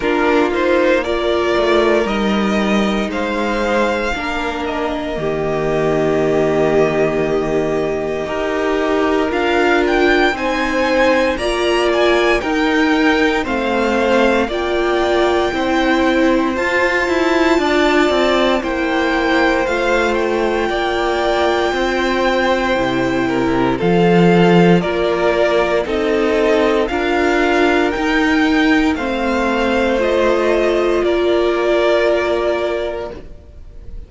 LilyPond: <<
  \new Staff \with { instrumentName = "violin" } { \time 4/4 \tempo 4 = 58 ais'8 c''8 d''4 dis''4 f''4~ | f''8 dis''2.~ dis''8~ | dis''4 f''8 g''8 gis''4 ais''8 gis''8 | g''4 f''4 g''2 |
a''2 g''4 f''8 g''8~ | g''2. f''4 | d''4 dis''4 f''4 g''4 | f''4 dis''4 d''2 | }
  \new Staff \with { instrumentName = "violin" } { \time 4/4 f'4 ais'2 c''4 | ais'4 g'2. | ais'2 c''4 d''4 | ais'4 c''4 d''4 c''4~ |
c''4 d''4 c''2 | d''4 c''4. ais'8 a'4 | ais'4 a'4 ais'2 | c''2 ais'2 | }
  \new Staff \with { instrumentName = "viola" } { \time 4/4 d'8 dis'8 f'4 dis'2 | d'4 ais2. | g'4 f'4 dis'4 f'4 | dis'4 c'4 f'4 e'4 |
f'2 e'4 f'4~ | f'2 e'4 f'4~ | f'4 dis'4 f'4 dis'4 | c'4 f'2. | }
  \new Staff \with { instrumentName = "cello" } { \time 4/4 ais4. a8 g4 gis4 | ais4 dis2. | dis'4 d'4 c'4 ais4 | dis'4 a4 ais4 c'4 |
f'8 e'8 d'8 c'8 ais4 a4 | ais4 c'4 c4 f4 | ais4 c'4 d'4 dis'4 | a2 ais2 | }
>>